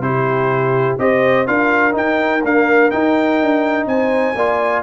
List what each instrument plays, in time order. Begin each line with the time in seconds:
0.00 tuba C3, trombone E4, horn G4, trumpet C5
0.99 tuba C4, trombone G4, horn C5, trumpet D#5
1.47 tuba D4, trombone F4, horn A#4, trumpet F5
1.92 trombone D#4, tuba D#4, trumpet G5
2.44 trombone A#3, tuba D4, trumpet F5
2.91 trombone D#4, tuba D#4, trumpet G5
3.42 tuba D4
3.87 tuba C4, horn C5, trumpet G#5
4.35 tuba A#3, trombone F4, horn D5